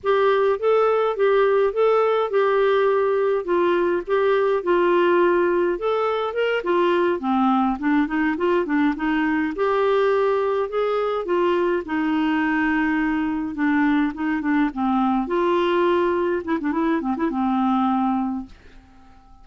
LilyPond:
\new Staff \with { instrumentName = "clarinet" } { \time 4/4 \tempo 4 = 104 g'4 a'4 g'4 a'4 | g'2 f'4 g'4 | f'2 a'4 ais'8 f'8~ | f'8 c'4 d'8 dis'8 f'8 d'8 dis'8~ |
dis'8 g'2 gis'4 f'8~ | f'8 dis'2. d'8~ | d'8 dis'8 d'8 c'4 f'4.~ | f'8 e'16 d'16 e'8 c'16 e'16 c'2 | }